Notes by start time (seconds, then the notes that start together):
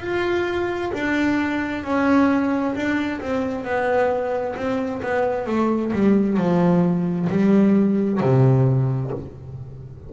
0.00 F4
0.93 D4
1.83 C#4
2.75 D4
3.21 C4
3.64 B3
4.56 C4
5.02 B3
5.46 A3
5.93 G3
6.37 F3
7.29 G3
8.20 C3